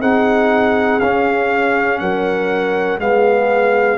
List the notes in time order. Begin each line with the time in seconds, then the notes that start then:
0.00 C4 D#4 G#4 F#5
1.00 C#4 F5
1.98 F#3 A#4 F#5
2.99 G#3 B3 G#4 F5